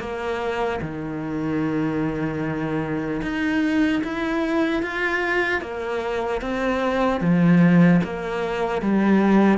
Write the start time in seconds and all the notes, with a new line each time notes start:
0.00 A#3
0.82 D#3
3.23 D#4
4.04 E4
4.83 F4
5.62 A#3
6.42 C4
7.21 F3
8.04 A#3
8.82 G3